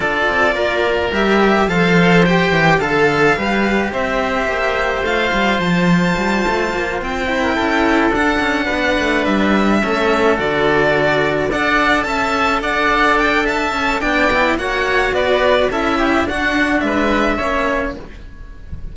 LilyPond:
<<
  \new Staff \with { instrumentName = "violin" } { \time 4/4 \tempo 4 = 107 d''2 e''4 f''4 | g''4 f''2 e''4~ | e''4 f''4 a''2~ | a''8 g''2 fis''4.~ |
fis''8 e''2 d''4.~ | d''8 fis''4 a''4 fis''4 g''8 | a''4 g''4 fis''4 d''4 | e''4 fis''4 e''2 | }
  \new Staff \with { instrumentName = "oboe" } { \time 4/4 a'4 ais'2 c''4~ | c''4 a'4 b'4 c''4~ | c''1~ | c''4~ c''16 ais'16 a'2 b'8~ |
b'4. a'2~ a'8~ | a'8 d''4 e''4 d''4. | e''4 d''4 cis''4 b'4 | a'8 g'8 fis'4 b'4 cis''4 | }
  \new Staff \with { instrumentName = "cello" } { \time 4/4 f'2 g'4 a'4 | g'4 a'4 g'2~ | g'4 f'2.~ | f'4 e'4. d'4.~ |
d'4. cis'4 fis'4.~ | fis'8 a'2.~ a'8~ | a'4 d'8 e'8 fis'2 | e'4 d'2 cis'4 | }
  \new Staff \with { instrumentName = "cello" } { \time 4/4 d'8 c'8 ais4 g4 f4~ | f8 e8 d4 g4 c'4 | ais4 a8 g8 f4 g8 a8 | ais8 c'4 cis'4 d'8 cis'8 b8 |
a8 g4 a4 d4.~ | d8 d'4 cis'4 d'4.~ | d'8 cis'8 b4 ais4 b4 | cis'4 d'4 gis4 ais4 | }
>>